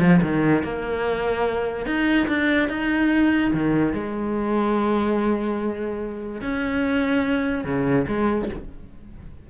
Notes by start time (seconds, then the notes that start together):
0.00 F3
0.22 D#3
0.64 A#3
1.86 D#4
2.28 D4
2.69 D#4
3.54 D#3
3.93 G#3
6.42 C#4
7.65 C#3
8.08 G#3